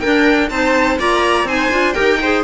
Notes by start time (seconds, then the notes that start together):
0.00 D4 A#4 G5
0.49 C4 D#4 C5 A5
0.98 A#3 F4 D5 A#5
1.44 C4 D#4 C5 G#5
1.71 D4 F4
1.93 D#4 G4 A#4 G5
2.22 G#4 C5